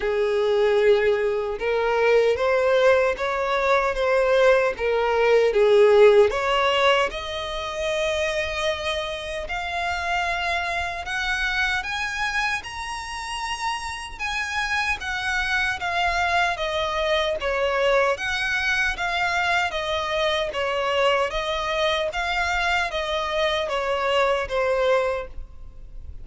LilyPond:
\new Staff \with { instrumentName = "violin" } { \time 4/4 \tempo 4 = 76 gis'2 ais'4 c''4 | cis''4 c''4 ais'4 gis'4 | cis''4 dis''2. | f''2 fis''4 gis''4 |
ais''2 gis''4 fis''4 | f''4 dis''4 cis''4 fis''4 | f''4 dis''4 cis''4 dis''4 | f''4 dis''4 cis''4 c''4 | }